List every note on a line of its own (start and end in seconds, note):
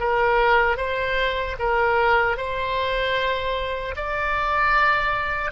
0.00 0.77 A#4
0.77 1.56 C5
1.59 2.37 A#4
2.37 3.95 C5
3.96 5.52 D5